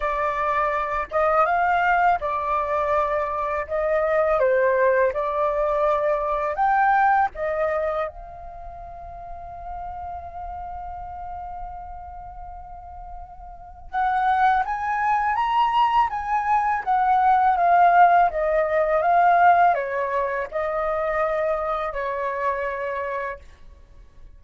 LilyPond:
\new Staff \with { instrumentName = "flute" } { \time 4/4 \tempo 4 = 82 d''4. dis''8 f''4 d''4~ | d''4 dis''4 c''4 d''4~ | d''4 g''4 dis''4 f''4~ | f''1~ |
f''2. fis''4 | gis''4 ais''4 gis''4 fis''4 | f''4 dis''4 f''4 cis''4 | dis''2 cis''2 | }